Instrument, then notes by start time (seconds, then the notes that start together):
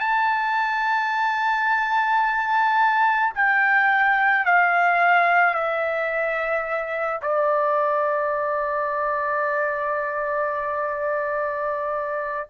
trumpet
0.00 A5
3.34 G5
4.46 F5
5.55 E5
7.22 D5